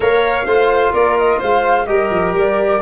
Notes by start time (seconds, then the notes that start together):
0.00 A#3 A#4 C#5 F5
0.45 A3 F4 C5
0.93 A#3 A#4 D5
1.17 D#5
1.38 G#3 C5 F5
1.85 G3 G4 A#4 D#5
2.10 F3
2.33 G3 D5